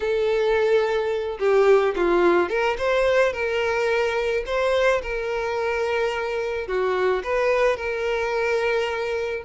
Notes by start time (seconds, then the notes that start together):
0.00 A4
1.39 G4
1.96 F4
2.49 A#4
2.78 C5
3.32 A#4
4.46 C5
5.02 A#4
6.67 F#4
7.23 B4
7.76 A#4